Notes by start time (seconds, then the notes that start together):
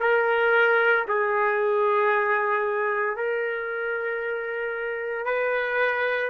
0.00 A#4
1.08 G#4
3.16 A#4
5.25 B4